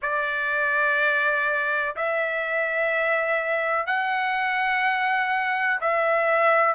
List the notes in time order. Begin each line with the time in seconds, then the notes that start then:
0.02 D5
1.96 E5
3.86 F#5
5.81 E5